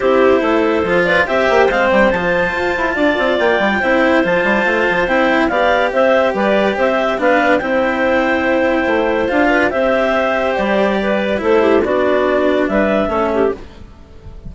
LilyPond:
<<
  \new Staff \with { instrumentName = "clarinet" } { \time 4/4 \tempo 4 = 142 c''2~ c''8 d''8 e''4 | f''8 g''8 a''2. | g''2 a''2 | g''4 f''4 e''4 d''4 |
e''4 f''4 g''2~ | g''2 f''4 e''4~ | e''4 d''2 c''4 | d''2 e''2 | }
  \new Staff \with { instrumentName = "clarinet" } { \time 4/4 g'4 a'4. b'8 c''4~ | c''2. d''4~ | d''4 c''2.~ | c''4 d''4 c''4 b'4 |
c''4 b'4 c''2~ | c''2~ c''8 b'8 c''4~ | c''2 b'4 a'8 g'8 | fis'2 b'4 a'8 g'8 | }
  \new Staff \with { instrumentName = "cello" } { \time 4/4 e'2 f'4 g'4 | c'4 f'2.~ | f'4 e'4 f'2 | e'4 g'2.~ |
g'4 d'4 e'2~ | e'2 f'4 g'4~ | g'2. e'4 | d'2. cis'4 | }
  \new Staff \with { instrumentName = "bassoon" } { \time 4/4 c'4 a4 f4 c'8 ais8 | gis8 g8 f4 f'8 e'8 d'8 c'8 | ais8 g8 c'4 f8 g8 a8 f8 | c'4 b4 c'4 g4 |
c'4 b4 c'2~ | c'4 a4 d'4 c'4~ | c'4 g2 a4 | b2 g4 a4 | }
>>